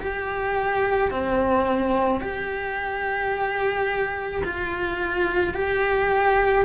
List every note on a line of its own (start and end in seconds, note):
0.00 1.11 G4
1.11 2.21 C4
2.21 4.43 G4
4.44 5.54 F4
5.54 6.65 G4